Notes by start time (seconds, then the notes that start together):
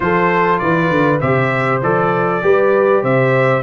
0.00 F3 F4 A4 C5
0.59 E3 B4 D5
0.90 D3
1.20 C3 G4 C5 E5
1.82 F3 A4 D5
2.42 G3 G4 B4
3.02 C3 C5 E5